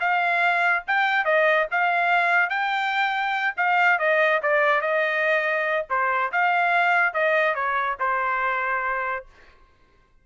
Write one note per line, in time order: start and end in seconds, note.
0.00 0.84 F5
0.87 1.25 G5
1.25 1.67 D#5
1.72 2.50 F5
2.50 3.55 G5
3.57 3.99 F5
3.99 4.41 D#5
4.43 4.81 D5
4.81 5.86 D#5
5.90 6.32 C5
6.32 7.14 F5
7.14 7.55 D#5
7.55 7.97 C#5
8.00 9.26 C5